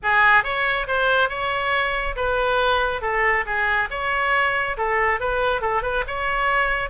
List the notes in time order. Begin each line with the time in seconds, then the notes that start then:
0.03 G#4
0.43 C#5
0.87 C5
1.29 C#5
2.15 B4
3.01 A4
3.45 G#4
3.90 C#5
4.77 A4
5.19 B4
5.61 A4
5.82 B4
6.07 C#5